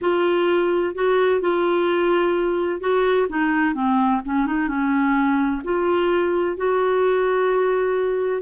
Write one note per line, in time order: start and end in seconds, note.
0.01 0.94 F4
0.94 1.40 F#4
1.40 2.80 F4
2.80 3.27 F#4
3.29 3.74 D#4
3.74 4.21 C4
4.25 4.46 C#4
4.46 4.68 D#4
4.68 5.62 C#4
5.64 6.56 F4
6.56 8.42 F#4